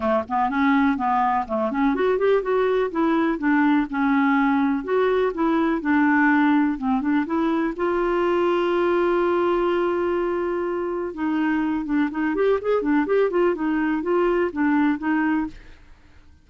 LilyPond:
\new Staff \with { instrumentName = "clarinet" } { \time 4/4 \tempo 4 = 124 a8 b8 cis'4 b4 a8 cis'8 | fis'8 g'8 fis'4 e'4 d'4 | cis'2 fis'4 e'4 | d'2 c'8 d'8 e'4 |
f'1~ | f'2. dis'4~ | dis'8 d'8 dis'8 g'8 gis'8 d'8 g'8 f'8 | dis'4 f'4 d'4 dis'4 | }